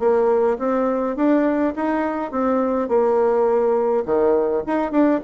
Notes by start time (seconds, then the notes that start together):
0.00 A#3
0.59 C4
1.17 D4
1.76 D#4
2.32 C4
2.89 A#3
4.06 D#3
4.67 D#4
4.92 D4